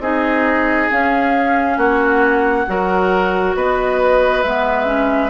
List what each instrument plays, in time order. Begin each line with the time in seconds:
0.00 bassoon C4, clarinet D#4, oboe G#4, flute D#5
0.90 clarinet C#4, bassoon C#4, flute F5
1.77 bassoon A#3, oboe F#4, flute F#5
2.67 bassoon F#3, clarinet F#4, oboe A#4
3.56 bassoon B3, oboe B4, flute D#5
4.43 bassoon G#3, clarinet B3, flute E5
4.85 clarinet C#4